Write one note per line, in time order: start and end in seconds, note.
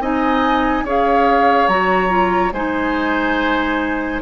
0.00 0.84 C4
0.00 0.87 D#4
0.00 0.85 D#5
0.00 0.86 G#5
0.84 1.68 C#4
0.84 1.70 G#4
0.84 2.54 C#5
0.84 1.68 F5
1.68 2.52 F#3
1.68 2.09 F#4
1.68 2.53 A#5
2.09 2.52 F4
2.52 4.21 G#3
2.52 4.22 D#4
2.52 4.22 C5
2.52 4.22 G#5